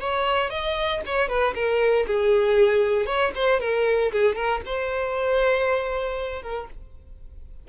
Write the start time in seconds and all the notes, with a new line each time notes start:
0.00 C#5
0.50 D#5
1.06 C#5
1.28 B4
1.55 A#4
2.07 G#4
3.06 C#5
3.35 C5
3.60 A#4
4.12 G#4
4.35 A#4
4.65 C5
6.42 A#4